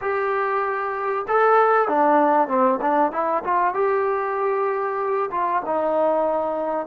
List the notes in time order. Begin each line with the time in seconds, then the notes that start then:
0.01 G4
1.28 A4
1.88 D4
2.48 C4
2.81 D4
3.12 E4
3.44 F4
3.73 G4
5.31 F4
5.65 D#4